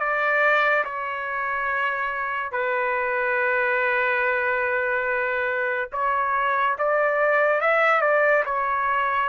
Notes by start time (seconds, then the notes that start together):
0.00 D5
0.85 C#5
2.52 B4
5.93 C#5
6.79 D5
7.61 E5
8.02 D5
8.45 C#5